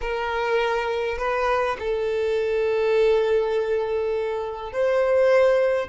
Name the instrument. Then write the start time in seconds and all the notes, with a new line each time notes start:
violin
0.01 A#4
1.18 B4
1.79 A4
4.72 C5